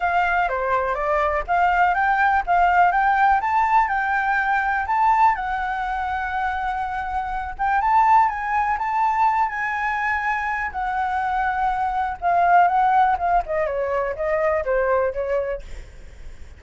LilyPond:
\new Staff \with { instrumentName = "flute" } { \time 4/4 \tempo 4 = 123 f''4 c''4 d''4 f''4 | g''4 f''4 g''4 a''4 | g''2 a''4 fis''4~ | fis''2.~ fis''8 g''8 |
a''4 gis''4 a''4. gis''8~ | gis''2 fis''2~ | fis''4 f''4 fis''4 f''8 dis''8 | cis''4 dis''4 c''4 cis''4 | }